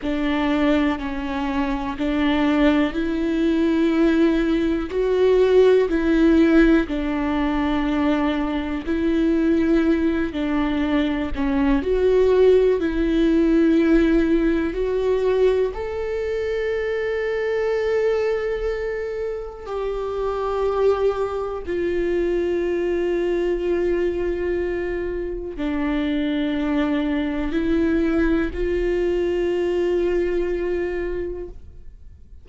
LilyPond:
\new Staff \with { instrumentName = "viola" } { \time 4/4 \tempo 4 = 61 d'4 cis'4 d'4 e'4~ | e'4 fis'4 e'4 d'4~ | d'4 e'4. d'4 cis'8 | fis'4 e'2 fis'4 |
a'1 | g'2 f'2~ | f'2 d'2 | e'4 f'2. | }